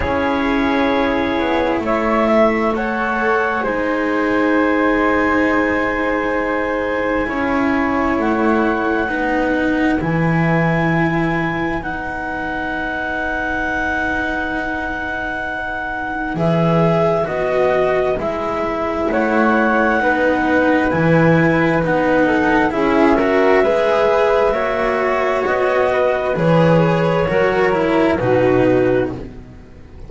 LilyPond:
<<
  \new Staff \with { instrumentName = "clarinet" } { \time 4/4 \tempo 4 = 66 cis''2 e''4 fis''4 | gis''1~ | gis''4 fis''2 gis''4~ | gis''4 fis''2.~ |
fis''2 e''4 dis''4 | e''4 fis''2 gis''4 | fis''4 e''2. | dis''4 cis''2 b'4 | }
  \new Staff \with { instrumentName = "flute" } { \time 4/4 gis'2 cis''8 e''8 cis''4 | c''1 | cis''2 b'2~ | b'1~ |
b'1~ | b'4 cis''4 b'2~ | b'8 a'8 gis'8 ais'8 b'4 cis''4~ | cis''8 b'4. ais'4 fis'4 | }
  \new Staff \with { instrumentName = "cello" } { \time 4/4 e'2. a'4 | dis'1 | e'2 dis'4 e'4~ | e'4 dis'2.~ |
dis'2 gis'4 fis'4 | e'2 dis'4 e'4 | dis'4 e'8 fis'8 gis'4 fis'4~ | fis'4 gis'4 fis'8 e'8 dis'4 | }
  \new Staff \with { instrumentName = "double bass" } { \time 4/4 cis'4. b8 a2 | gis1 | cis'4 a4 b4 e4~ | e4 b2.~ |
b2 e4 b4 | gis4 a4 b4 e4 | b4 cis'4 gis4 ais4 | b4 e4 fis4 b,4 | }
>>